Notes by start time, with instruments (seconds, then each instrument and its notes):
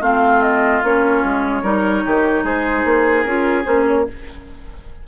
0.00 bassoon A3, clarinet C4, oboe F4, flute F5
0.42 flute D#5
0.83 bassoon A#3, clarinet C#4, flute C#5
1.24 bassoon G#3
1.62 bassoon G3, clarinet D#4, oboe A#4
2.05 bassoon D#3, oboe G4
2.43 bassoon G#3, oboe G#4, flute C5
2.84 bassoon A#3
3.22 bassoon C#4, clarinet F4, flute A#4
3.64 bassoon A#3, clarinet C#4, flute C5
3.87 flute C#5